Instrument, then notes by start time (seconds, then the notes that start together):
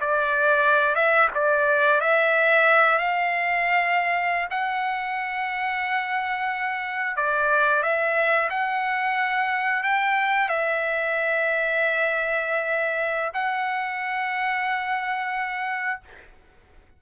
trumpet
0.00 D5
0.95 E5
1.34 D5
2.01 E5
2.98 F5
4.50 F#5
7.16 D5
7.82 E5
8.49 F#5
9.83 G5
10.48 E5
13.33 F#5